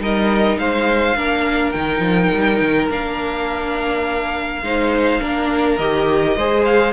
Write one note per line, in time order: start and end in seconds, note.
0.00 0.58 G3
0.00 1.16 D#4
0.00 0.59 A#4
0.00 0.59 D#5
0.58 1.16 G#3
0.58 1.17 C5
0.58 1.72 F5
1.16 1.74 A#3
1.16 1.74 D4
1.16 4.63 A#4
1.72 2.00 D#3
1.72 2.90 D#4
1.72 2.87 G5
2.00 2.29 F3
2.34 2.61 G3
2.61 2.90 D#3
2.90 4.62 A#3
2.90 4.63 D4
2.90 5.78 F5
4.62 5.20 G#3
4.62 5.21 D#4
4.62 5.22 C5
5.21 5.79 A#3
5.21 5.79 D4
5.21 6.37 A#4
5.78 6.37 D#3
5.78 6.38 G4
5.78 6.64 D#5
6.37 6.93 G#3
6.37 6.93 G#4
6.37 6.93 C5
6.65 6.93 F5